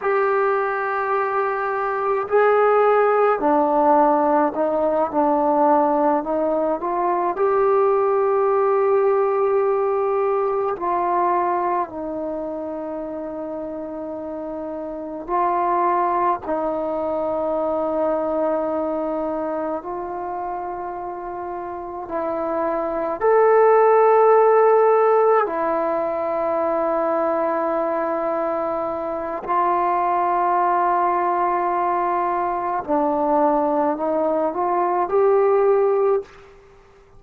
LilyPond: \new Staff \with { instrumentName = "trombone" } { \time 4/4 \tempo 4 = 53 g'2 gis'4 d'4 | dis'8 d'4 dis'8 f'8 g'4.~ | g'4. f'4 dis'4.~ | dis'4. f'4 dis'4.~ |
dis'4. f'2 e'8~ | e'8 a'2 e'4.~ | e'2 f'2~ | f'4 d'4 dis'8 f'8 g'4 | }